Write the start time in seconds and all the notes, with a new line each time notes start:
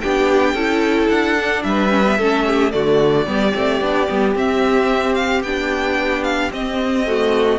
0.00 B3 D4 G4 G5
0.54 C#4 E4 A4
1.09 D4 F#5
1.38 D4
1.63 G3 B4 E5
1.89 C#4
2.06 B3
2.18 A3 C#4 A4
2.46 G4
2.71 D3 A3 F#4 D5
3.26 G3 B3 G4
3.54 A3 C4
3.81 B3 D4
4.08 G3 B3
4.35 C4 E5
5.15 F5
5.43 B3 D4 G5
6.24 F5
6.51 C4 D#5
7.06 A3 F#4